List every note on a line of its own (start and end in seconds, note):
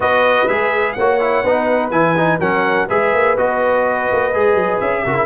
0.00 0.47 B3
0.00 0.48 F#4
0.00 0.97 B4
0.00 0.48 D#5
0.48 0.96 G#3
0.48 0.96 G#4
0.48 0.93 E5
0.93 1.43 A#3
0.93 1.44 C#5
0.93 1.89 F#5
0.99 1.20 F#4
1.20 1.44 E4
1.43 1.91 B3
1.43 1.91 D#4
1.43 2.39 B4
1.91 2.39 E3
1.91 2.15 E4
1.91 2.39 G#5
2.17 2.40 D#4
2.39 2.87 F#3
2.39 2.88 C#4
2.39 2.87 A#4
2.39 2.88 F#5
2.88 3.13 G#3
2.88 3.37 G#4
2.88 5.04 B4
2.88 3.37 E5
3.13 3.37 A#3
3.37 4.09 B3
3.37 4.33 F#4
3.37 4.79 D#5
4.12 4.34 A#3
4.33 4.54 G#3
4.33 5.05 G#4
4.54 4.78 F#3
4.79 5.04 C#4
4.79 5.26 E5
5.05 5.26 C#3
5.05 5.14 F#4
5.05 5.26 A#4
5.14 5.26 E4